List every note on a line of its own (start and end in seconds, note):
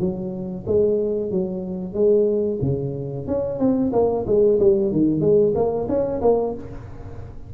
0.00 0.65 F#3
0.67 1.31 G#3
1.31 1.94 F#3
1.94 2.59 G#3
2.62 3.27 C#3
3.27 3.59 C#4
3.59 3.92 C4
3.93 4.25 A#3
4.27 4.59 G#3
4.60 4.92 G3
4.92 5.21 D#3
5.21 5.53 G#3
5.55 5.88 A#3
5.89 6.21 C#4
6.22 6.54 A#3